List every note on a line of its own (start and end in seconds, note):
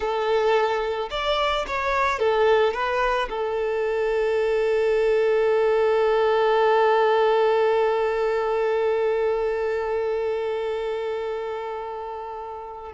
0.00 1.09 A4
1.10 1.65 D5
1.67 2.19 C#5
2.19 2.73 A4
2.73 3.28 B4
3.29 12.92 A4